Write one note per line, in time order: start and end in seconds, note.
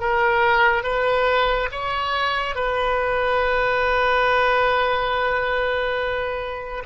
0.00 0.83 A#4
0.83 1.69 B4
1.71 2.55 C#5
2.55 6.84 B4